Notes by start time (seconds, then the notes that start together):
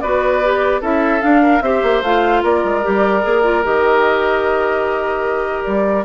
0.00 B3 F#4 B4 D5
0.43 G4
0.81 C#4 E4 A4 E5
1.20 D4 F5
1.42 A#4
1.61 C4 G4 C5 E5
1.83 A#3
2.02 A3 F4 F5
2.43 A#3 A#4 D5
2.64 G#3
2.82 G3 G4
3.22 A#3 G#4
3.43 F4
3.63 D#3 G4 D#5
5.64 G3 D5